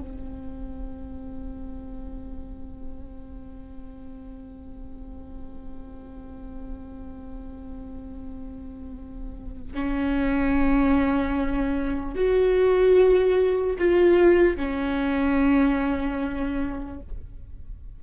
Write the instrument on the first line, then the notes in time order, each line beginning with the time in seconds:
viola
0.00 C4
9.74 C#4
12.15 F#4
13.79 F4
14.57 C#4